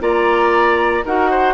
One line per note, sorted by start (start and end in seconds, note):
0.00 1.04 A#3
0.00 1.03 F4
0.00 1.05 D5
0.00 1.05 A#5
1.05 1.54 D#4
1.05 1.54 F#4
1.05 1.30 A#4
1.05 1.54 F#5
1.30 1.54 C5